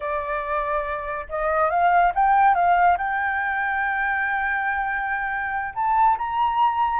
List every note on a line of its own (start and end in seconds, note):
0.00 1.26 D5
1.29 1.70 D#5
1.70 2.12 F5
2.14 2.54 G5
2.54 2.97 F5
2.97 5.74 G5
5.74 6.17 A5
6.17 7.00 A#5